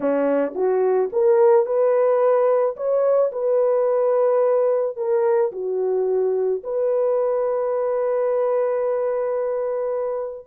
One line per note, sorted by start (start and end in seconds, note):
0.00 0.53 C#4
0.55 1.10 F#4
1.12 1.66 A#4
1.66 2.76 B4
2.76 3.31 C#5
3.32 4.96 B4
4.96 5.51 A#4
5.52 6.62 F#4
6.63 10.46 B4